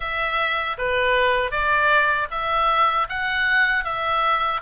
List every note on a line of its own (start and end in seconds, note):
0.00 0.76 E5
0.77 1.51 B4
1.51 2.28 D5
2.30 3.07 E5
3.09 3.84 F#5
3.84 4.61 E5